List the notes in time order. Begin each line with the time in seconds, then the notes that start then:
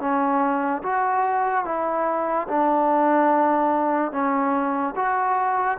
0.00 C#4
0.83 F#4
1.65 E4
2.48 D4
4.12 C#4
4.96 F#4